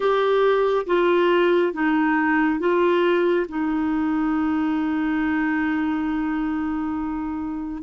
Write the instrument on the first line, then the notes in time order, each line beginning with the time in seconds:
clarinet
0.00 G4
0.86 F4
1.73 D#4
2.59 F4
3.48 D#4